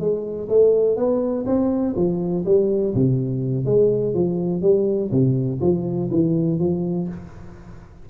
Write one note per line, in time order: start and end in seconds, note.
0.00 0.49 G#3
0.49 0.97 A3
0.97 1.45 B3
1.47 1.95 C4
1.96 2.45 F3
2.46 2.94 G3
2.95 3.65 C3
3.65 4.14 G#3
4.15 4.62 F3
4.62 5.11 G3
5.12 5.60 C3
5.61 6.10 F3
6.11 6.59 E3
6.59 7.08 F3